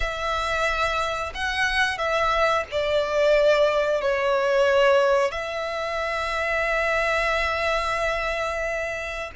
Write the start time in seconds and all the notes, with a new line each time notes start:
0.00 E5
1.34 F#5
1.98 E5
2.71 D5
4.01 C#5
5.31 E5